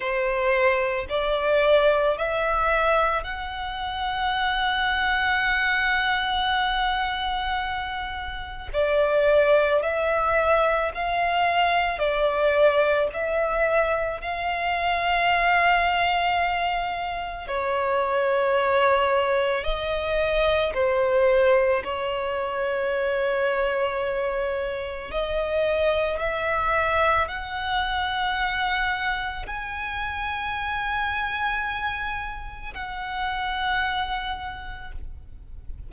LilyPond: \new Staff \with { instrumentName = "violin" } { \time 4/4 \tempo 4 = 55 c''4 d''4 e''4 fis''4~ | fis''1 | d''4 e''4 f''4 d''4 | e''4 f''2. |
cis''2 dis''4 c''4 | cis''2. dis''4 | e''4 fis''2 gis''4~ | gis''2 fis''2 | }